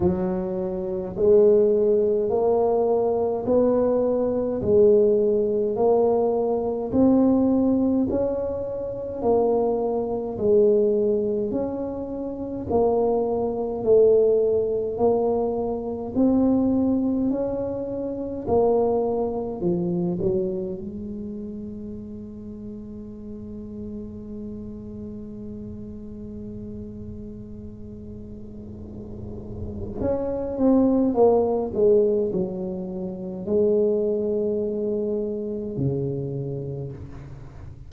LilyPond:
\new Staff \with { instrumentName = "tuba" } { \time 4/4 \tempo 4 = 52 fis4 gis4 ais4 b4 | gis4 ais4 c'4 cis'4 | ais4 gis4 cis'4 ais4 | a4 ais4 c'4 cis'4 |
ais4 f8 fis8 gis2~ | gis1~ | gis2 cis'8 c'8 ais8 gis8 | fis4 gis2 cis4 | }